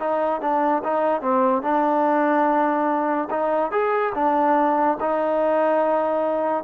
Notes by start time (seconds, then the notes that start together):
0.00 D#4
0.42 D4
0.84 D#4
1.22 C4
1.62 D4
3.31 D#4
3.72 G#4
4.15 D4
5.01 D#4